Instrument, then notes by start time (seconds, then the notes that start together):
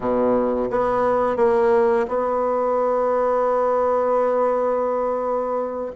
bassoon
0.00 B2
0.70 B3
1.36 A#3
2.07 B3